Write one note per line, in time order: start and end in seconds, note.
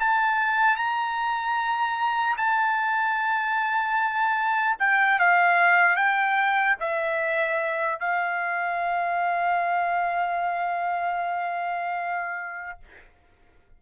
0.00 0.77 A5
0.77 2.37 A#5
2.37 4.77 A5
4.80 5.20 G5
5.20 5.96 F5
5.96 6.76 G5
6.80 8.00 E5
8.00 12.80 F5